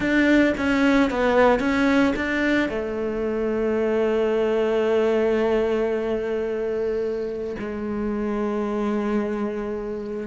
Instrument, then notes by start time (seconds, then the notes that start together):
cello
0.00 D4
0.57 C#4
1.10 B3
1.59 C#4
2.15 D4
2.69 A3
7.59 G#3